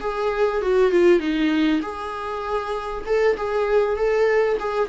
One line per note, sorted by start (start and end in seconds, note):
0.00 0.61 G#4
0.61 0.91 F#4
0.91 1.19 F4
1.19 1.80 D#4
1.82 3.04 G#4
3.06 3.36 A4
3.36 3.96 G#4
3.96 4.57 A4
4.59 4.88 G#4